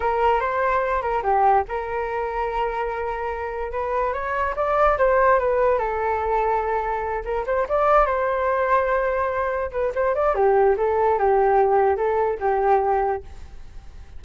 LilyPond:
\new Staff \with { instrumentName = "flute" } { \time 4/4 \tempo 4 = 145 ais'4 c''4. ais'8 g'4 | ais'1~ | ais'4 b'4 cis''4 d''4 | c''4 b'4 a'2~ |
a'4. ais'8 c''8 d''4 c''8~ | c''2.~ c''8 b'8 | c''8 d''8 g'4 a'4 g'4~ | g'4 a'4 g'2 | }